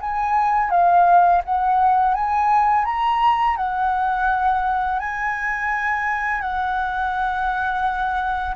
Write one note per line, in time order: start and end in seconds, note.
0.00 0.70 G#5
0.70 1.42 F5
1.44 2.14 F#5
2.14 2.85 G#5
2.85 3.56 A#5
3.56 4.99 F#5
4.99 6.41 G#5
6.41 8.55 F#5